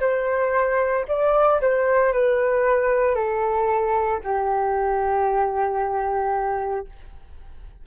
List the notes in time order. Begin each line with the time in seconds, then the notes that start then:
0.00 C5
1.08 D5
1.61 C5
2.13 B4
3.15 A4
4.23 G4